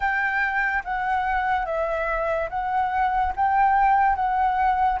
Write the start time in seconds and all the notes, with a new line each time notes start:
0.00 G5
0.84 F#5
1.65 E5
2.49 F#5
3.36 G5
4.15 F#5